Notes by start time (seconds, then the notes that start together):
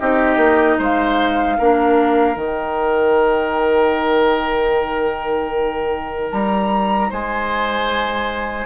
0.00 C4 D#4 G4 D#5
0.37 A#3
0.78 G#3 C5 F5
1.58 A#3 D4 A#4
2.35 D#3 D#4 G5
6.32 G3 A#5
7.10 G#3 C5 G#5